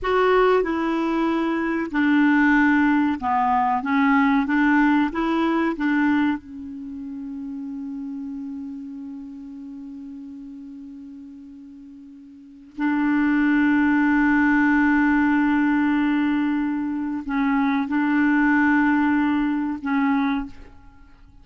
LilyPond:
\new Staff \with { instrumentName = "clarinet" } { \time 4/4 \tempo 4 = 94 fis'4 e'2 d'4~ | d'4 b4 cis'4 d'4 | e'4 d'4 cis'2~ | cis'1~ |
cis'1 | d'1~ | d'2. cis'4 | d'2. cis'4 | }